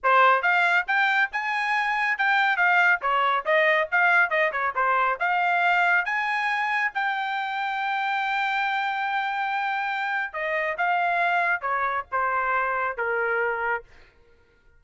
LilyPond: \new Staff \with { instrumentName = "trumpet" } { \time 4/4 \tempo 4 = 139 c''4 f''4 g''4 gis''4~ | gis''4 g''4 f''4 cis''4 | dis''4 f''4 dis''8 cis''8 c''4 | f''2 gis''2 |
g''1~ | g''1 | dis''4 f''2 cis''4 | c''2 ais'2 | }